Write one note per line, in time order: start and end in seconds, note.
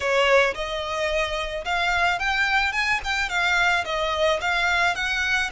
0.00 0.54 C#5
0.54 1.64 D#5
1.64 2.19 F5
2.19 2.72 G5
2.72 3.00 G#5
3.04 3.29 G5
3.29 3.84 F5
3.85 4.40 D#5
4.40 4.95 F5
4.95 5.50 F#5